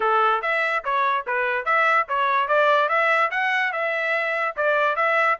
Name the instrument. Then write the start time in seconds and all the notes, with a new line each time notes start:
trumpet
0.00 A4
0.42 E5
0.84 C#5
1.26 B4
1.65 E5
2.08 C#5
2.48 D5
2.89 E5
3.30 F#5
3.72 E5
4.56 D5
4.96 E5